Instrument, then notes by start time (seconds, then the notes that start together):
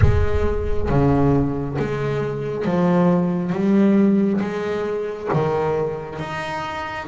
double bass
0.01 G#3
0.89 C#3
1.78 G#3
2.65 F3
3.52 G3
4.40 G#3
5.33 D#3
6.19 D#4